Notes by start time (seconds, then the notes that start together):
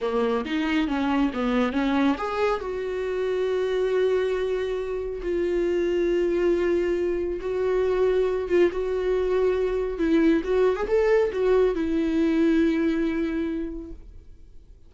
0.01 A#3
0.45 D#4
0.87 C#4
1.33 B3
1.72 C#4
2.17 G#4
2.60 F#4
5.22 F4
7.40 F#4
8.48 F4
8.71 F#4
9.98 E4
10.44 F#4
10.75 G#4
10.87 A4
11.32 F#4
11.74 E4